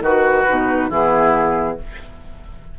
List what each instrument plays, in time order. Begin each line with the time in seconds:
0.00 bassoon D#3, oboe F#4, flute B4
0.06 clarinet F#4
0.47 bassoon B2, clarinet D#4
0.89 bassoon E3, clarinet B3, oboe E4, flute G#4